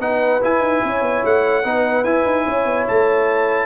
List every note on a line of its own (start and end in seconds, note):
0.00 0.41 B3
0.00 0.41 D#4
0.00 0.84 B4
0.00 0.42 F#5
0.41 1.64 E4
0.41 0.60 E4
0.41 1.25 G#5
0.60 0.80 D#4
0.84 1.01 C#4
0.84 1.65 C#5
1.01 1.22 B3
1.25 1.65 A3
1.25 2.04 F#5
1.65 2.04 B3
1.65 2.05 D#4
1.65 2.45 B4
2.04 2.25 E4
2.04 3.66 E4
2.04 2.86 G#5
2.25 2.46 D#4
2.45 2.66 C#4
2.45 3.66 C#5
2.66 2.86 B3
2.88 3.66 A3
2.88 3.66 A5